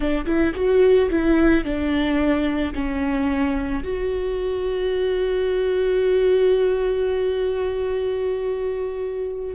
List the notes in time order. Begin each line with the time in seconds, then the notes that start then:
0.00 D4
0.25 E4
0.55 F#4
1.10 E4
1.64 D4
2.74 C#4
3.83 F#4